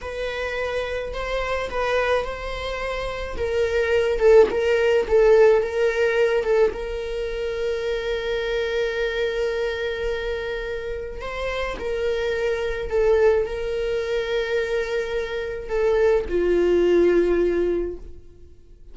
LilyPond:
\new Staff \with { instrumentName = "viola" } { \time 4/4 \tempo 4 = 107 b'2 c''4 b'4 | c''2 ais'4. a'8 | ais'4 a'4 ais'4. a'8 | ais'1~ |
ais'1 | c''4 ais'2 a'4 | ais'1 | a'4 f'2. | }